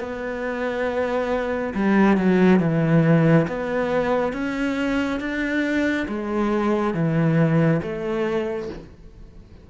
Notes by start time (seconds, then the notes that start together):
0.00 B3
1.74 G3
2.17 F#3
2.60 E3
3.47 B3
4.33 C#4
5.20 D4
6.08 G#3
6.94 E3
7.82 A3